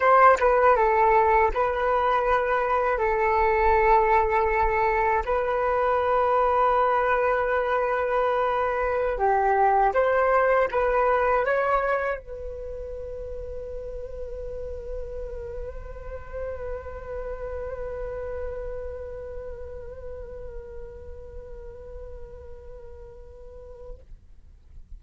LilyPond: \new Staff \with { instrumentName = "flute" } { \time 4/4 \tempo 4 = 80 c''8 b'8 a'4 b'2 | a'2. b'4~ | b'1~ | b'16 g'4 c''4 b'4 cis''8.~ |
cis''16 b'2.~ b'8.~ | b'1~ | b'1~ | b'1 | }